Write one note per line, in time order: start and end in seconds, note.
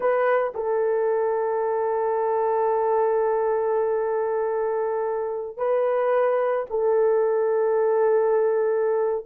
0.00 0.53 B4
0.54 5.57 A4
5.57 6.66 B4
6.70 9.25 A4